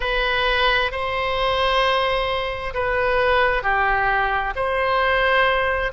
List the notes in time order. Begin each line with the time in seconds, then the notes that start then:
0.00 B4
0.91 C5
2.74 B4
3.62 G4
4.55 C5